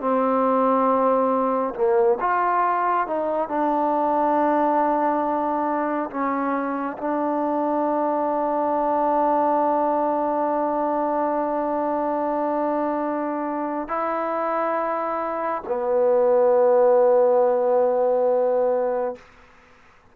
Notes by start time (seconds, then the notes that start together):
0.00 C4
1.75 A#3
2.20 F4
3.07 D#4
3.49 D4
6.10 C#4
6.98 D4
13.88 E4
15.67 B3